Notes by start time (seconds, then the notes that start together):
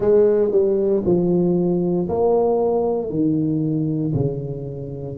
0.00 G#3
0.51 G3
1.05 F3
2.08 A#3
3.09 D#3
4.14 C#3